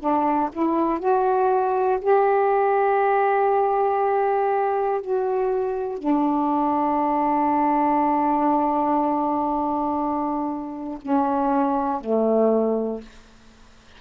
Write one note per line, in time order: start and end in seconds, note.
0.00 0.50 D4
0.52 1.00 E4
1.00 2.00 F#4
2.01 5.01 G4
5.01 5.99 F#4
5.99 10.99 D4
11.02 12.00 C#4
12.00 13.00 A3